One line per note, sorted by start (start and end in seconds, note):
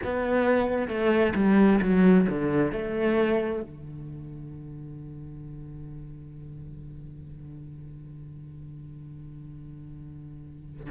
0.04 0.88 B3
0.88 1.33 A3
1.34 1.80 G3
1.81 2.27 F#3
2.29 2.71 D3
2.71 3.62 A3
3.62 10.89 D3